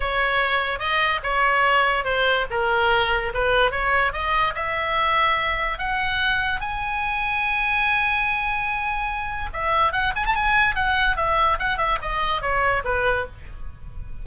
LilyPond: \new Staff \with { instrumentName = "oboe" } { \time 4/4 \tempo 4 = 145 cis''2 dis''4 cis''4~ | cis''4 c''4 ais'2 | b'4 cis''4 dis''4 e''4~ | e''2 fis''2 |
gis''1~ | gis''2. e''4 | fis''8 gis''16 a''16 gis''4 fis''4 e''4 | fis''8 e''8 dis''4 cis''4 b'4 | }